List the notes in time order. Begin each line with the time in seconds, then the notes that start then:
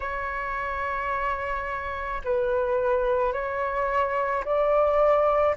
0.00 C#5
2.24 B4
3.32 C#5
4.44 D5